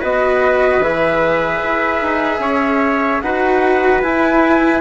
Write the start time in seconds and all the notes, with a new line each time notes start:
0.00 B3 F#4 B4 D#5
0.80 E3 G#4 E5
1.64 E4
2.02 D#4
2.40 C#4 C#5
3.22 D#4 F#4 B4 F#5
4.03 E4 G#5